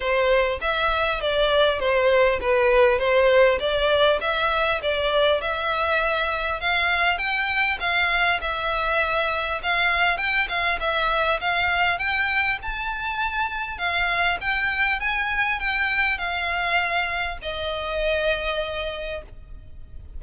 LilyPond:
\new Staff \with { instrumentName = "violin" } { \time 4/4 \tempo 4 = 100 c''4 e''4 d''4 c''4 | b'4 c''4 d''4 e''4 | d''4 e''2 f''4 | g''4 f''4 e''2 |
f''4 g''8 f''8 e''4 f''4 | g''4 a''2 f''4 | g''4 gis''4 g''4 f''4~ | f''4 dis''2. | }